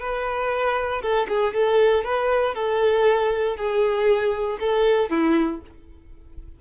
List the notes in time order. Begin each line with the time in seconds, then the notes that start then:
0.00 B4
1.02 A4
1.29 G#4
1.54 A4
2.04 B4
2.55 A4
3.57 G#4
4.60 A4
5.10 E4